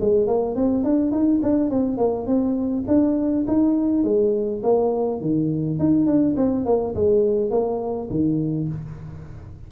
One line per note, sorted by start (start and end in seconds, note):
0.00 0.27 G#3
0.27 0.55 A#3
0.55 0.84 C4
0.84 1.11 D4
1.11 1.40 D#4
1.42 1.70 D4
1.70 1.97 C4
1.97 2.26 A#3
2.26 2.85 C4
2.87 3.46 D4
3.47 4.04 D#4
4.04 4.62 G#3
4.63 5.21 A#3
5.21 5.79 D#3
5.79 6.06 D#4
6.06 6.35 D4
6.36 6.65 C4
6.65 6.94 A#3
6.95 7.50 G#3
7.50 8.09 A#3
8.10 8.68 D#3